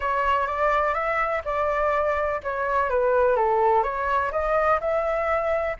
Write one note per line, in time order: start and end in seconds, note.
0.00 0.47 C#5
0.47 0.94 D5
0.94 1.42 E5
1.44 2.40 D5
2.43 2.89 C#5
2.89 3.36 B4
3.36 3.83 A4
3.83 4.31 C#5
4.31 4.79 D#5
4.80 5.76 E5